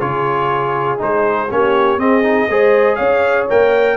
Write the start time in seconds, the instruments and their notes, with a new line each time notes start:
0.00 tuba C#3, trombone F4, horn G#4, trumpet C#5
0.98 tuba G#3, trombone D#4, trumpet C5
1.50 tuba A#3, trombone C#4, horn G4, trumpet C#5
1.98 trombone C4, tuba C4, horn G#4, trumpet D#5
2.22 trombone D#4
2.49 tuba G#3, trombone G#4, horn C5
2.95 tuba C#4, horn C#5, trumpet F5
3.49 tuba A#3, trombone A#4, trumpet G5